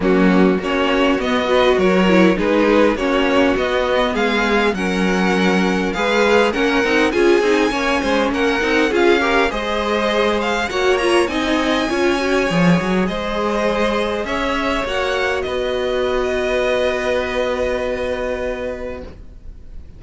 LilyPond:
<<
  \new Staff \with { instrumentName = "violin" } { \time 4/4 \tempo 4 = 101 fis'4 cis''4 dis''4 cis''4 | b'4 cis''4 dis''4 f''4 | fis''2 f''4 fis''4 | gis''2 fis''4 f''4 |
dis''4. f''8 fis''8 ais''8 gis''4~ | gis''2 dis''2 | e''4 fis''4 dis''2~ | dis''1 | }
  \new Staff \with { instrumentName = "violin" } { \time 4/4 cis'4 fis'4. b'8 ais'4 | gis'4 fis'2 gis'4 | ais'2 b'4 ais'4 | gis'4 cis''8 c''8 ais'4 gis'8 ais'8 |
c''2 cis''4 dis''4 | cis''2 c''2 | cis''2 b'2~ | b'1 | }
  \new Staff \with { instrumentName = "viola" } { \time 4/4 ais4 cis'4 b8 fis'4 e'8 | dis'4 cis'4 b2 | cis'2 gis'4 cis'8 dis'8 | f'8 dis'8 cis'4. dis'8 f'8 g'8 |
gis'2 fis'8 f'8 dis'4 | f'8 fis'8 gis'2.~ | gis'4 fis'2.~ | fis'1 | }
  \new Staff \with { instrumentName = "cello" } { \time 4/4 fis4 ais4 b4 fis4 | gis4 ais4 b4 gis4 | fis2 gis4 ais8 c'8 | cis'8 c'8 ais8 gis8 ais8 c'8 cis'4 |
gis2 ais4 c'4 | cis'4 f8 fis8 gis2 | cis'4 ais4 b2~ | b1 | }
>>